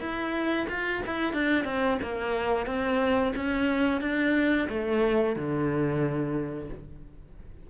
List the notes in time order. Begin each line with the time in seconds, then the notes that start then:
0.00 E4
0.69 F4
1.06 E4
1.33 D4
1.65 C4
2.02 A#3
2.66 C4
3.36 C#4
4.01 D4
4.69 A3
5.35 D3